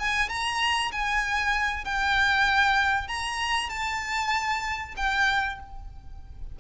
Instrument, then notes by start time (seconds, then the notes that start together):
violin
0.00 G#5
0.29 A#5
0.93 G#5
1.85 G5
3.08 A#5
3.70 A5
4.97 G5